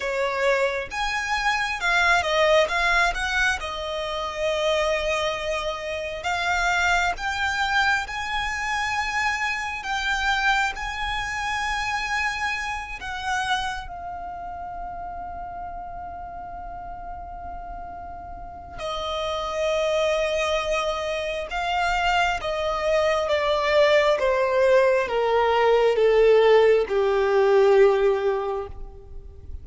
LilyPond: \new Staff \with { instrumentName = "violin" } { \time 4/4 \tempo 4 = 67 cis''4 gis''4 f''8 dis''8 f''8 fis''8 | dis''2. f''4 | g''4 gis''2 g''4 | gis''2~ gis''8 fis''4 f''8~ |
f''1~ | f''4 dis''2. | f''4 dis''4 d''4 c''4 | ais'4 a'4 g'2 | }